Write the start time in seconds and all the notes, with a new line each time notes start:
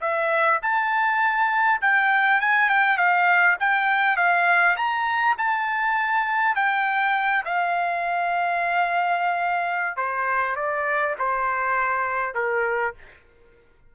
0.00 E5
0.62 A5
1.81 G5
2.40 G#5
2.69 G5
2.97 F5
3.59 G5
4.16 F5
4.76 A#5
5.38 A5
6.55 G5
7.44 F5
9.96 C5
10.56 D5
11.18 C5
12.34 A#4